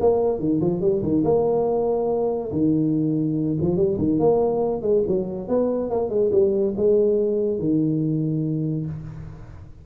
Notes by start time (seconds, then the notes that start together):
0.00 A#3
0.39 D#3
0.60 F3
0.81 G3
1.02 D#3
1.24 A#3
2.52 D#3
3.61 F3
3.76 G3
3.98 D#3
4.19 A#3
4.81 G#3
5.07 F#3
5.48 B3
5.90 A#3
6.09 G#3
6.32 G3
6.76 G#3
7.59 D#3